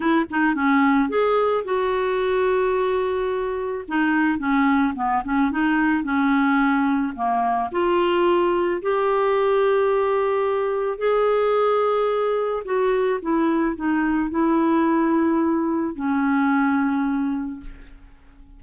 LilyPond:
\new Staff \with { instrumentName = "clarinet" } { \time 4/4 \tempo 4 = 109 e'8 dis'8 cis'4 gis'4 fis'4~ | fis'2. dis'4 | cis'4 b8 cis'8 dis'4 cis'4~ | cis'4 ais4 f'2 |
g'1 | gis'2. fis'4 | e'4 dis'4 e'2~ | e'4 cis'2. | }